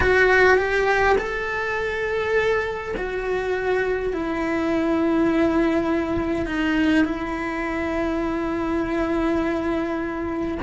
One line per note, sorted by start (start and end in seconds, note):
0.00 0.57 F#4
0.57 1.16 G4
1.18 2.94 A4
2.96 4.13 F#4
4.13 6.45 E4
6.45 7.04 D#4
7.05 10.57 E4